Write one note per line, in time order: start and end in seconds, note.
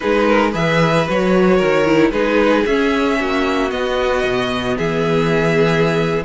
0.00 0.54 G#3
0.00 0.52 D#4
0.00 0.27 G#4
0.00 0.50 B4
0.27 0.51 A#4
0.51 1.07 E3
0.51 1.05 G#4
0.51 1.56 B4
0.51 1.07 E5
1.08 1.61 F#3
1.08 1.85 F#4
1.08 2.11 C#5
1.56 2.11 D#3
1.56 2.09 A#4
1.85 2.12 E4
2.11 2.64 G#3
2.11 2.65 D#4
2.11 3.19 G#4
2.11 2.64 B4
2.65 3.19 C#4
2.65 3.69 C#4
2.65 3.70 E5
3.19 3.71 A#3
3.19 4.77 F#4
3.69 6.21 B3
3.69 4.23 B3
3.69 4.77 D#5
4.23 4.76 B2
4.77 6.24 E3
4.77 6.23 G#4
4.77 6.24 E5